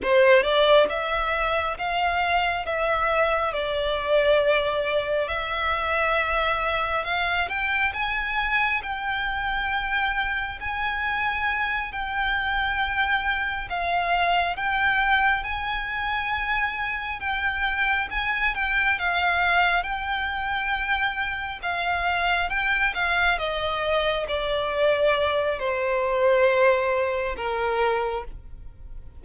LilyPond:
\new Staff \with { instrumentName = "violin" } { \time 4/4 \tempo 4 = 68 c''8 d''8 e''4 f''4 e''4 | d''2 e''2 | f''8 g''8 gis''4 g''2 | gis''4. g''2 f''8~ |
f''8 g''4 gis''2 g''8~ | g''8 gis''8 g''8 f''4 g''4.~ | g''8 f''4 g''8 f''8 dis''4 d''8~ | d''4 c''2 ais'4 | }